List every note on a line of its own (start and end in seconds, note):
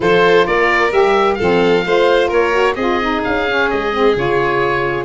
0.00 0.45 F3
0.00 0.90 F4
0.00 0.45 A4
0.00 0.46 C5
0.45 0.92 A#3
0.45 1.37 A#4
0.45 0.92 D5
0.92 1.38 G3
0.92 1.38 G4
0.92 1.34 E5
1.34 1.85 C4
1.34 1.84 A4
1.34 2.26 F5
1.40 1.85 F3
1.85 2.31 A3
1.85 2.52 F4
1.85 2.28 C5
2.28 2.75 A#3
2.28 2.74 A#4
2.28 2.75 C#5
2.52 2.75 F#4
2.75 3.22 C4
2.75 3.01 F4
2.75 5.04 G#4
2.75 3.21 D#5
3.01 3.47 D#4
3.24 3.72 C#4
3.24 3.70 F5
3.47 3.92 C#4
3.70 4.15 G#3
3.70 4.16 D#5
3.92 4.15 C4
4.15 5.04 C#3
4.15 5.04 F4
4.15 5.04 C#5